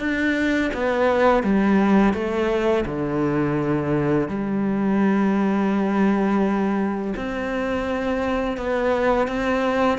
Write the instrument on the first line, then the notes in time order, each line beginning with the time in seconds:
cello
0.00 D4
0.74 B3
1.44 G3
2.14 A3
2.86 D3
4.29 G3
7.16 C4
8.57 B3
9.28 C4